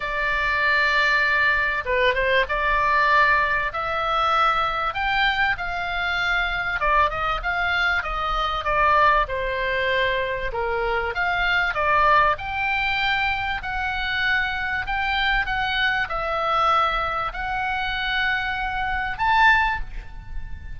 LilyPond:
\new Staff \with { instrumentName = "oboe" } { \time 4/4 \tempo 4 = 97 d''2. b'8 c''8 | d''2 e''2 | g''4 f''2 d''8 dis''8 | f''4 dis''4 d''4 c''4~ |
c''4 ais'4 f''4 d''4 | g''2 fis''2 | g''4 fis''4 e''2 | fis''2. a''4 | }